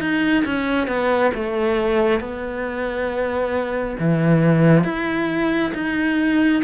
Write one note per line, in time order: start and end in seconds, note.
0.00 0.44 D#4
0.45 0.87 C#4
0.87 1.31 B3
1.34 2.20 A3
2.20 3.96 B3
3.99 4.83 E3
4.83 5.72 E4
5.74 6.62 D#4